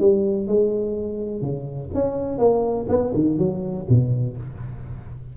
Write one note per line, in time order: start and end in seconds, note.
0.00 0.47 G3
0.47 1.42 G#3
1.42 1.90 C#3
1.95 2.38 C#4
2.38 2.86 A#3
2.88 3.12 B3
3.15 3.39 D#3
3.39 3.87 F#3
3.89 4.37 B2